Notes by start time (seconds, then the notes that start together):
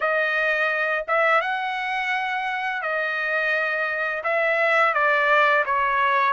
0.00 D#5
1.07 E5
1.41 F#5
2.81 D#5
4.23 E5
4.93 D5
5.65 C#5